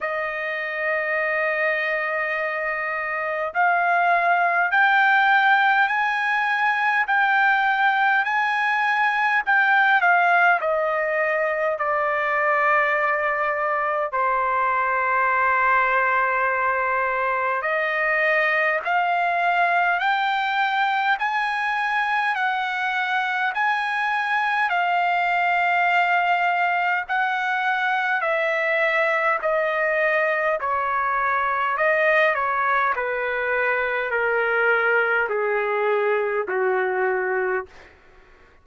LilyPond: \new Staff \with { instrumentName = "trumpet" } { \time 4/4 \tempo 4 = 51 dis''2. f''4 | g''4 gis''4 g''4 gis''4 | g''8 f''8 dis''4 d''2 | c''2. dis''4 |
f''4 g''4 gis''4 fis''4 | gis''4 f''2 fis''4 | e''4 dis''4 cis''4 dis''8 cis''8 | b'4 ais'4 gis'4 fis'4 | }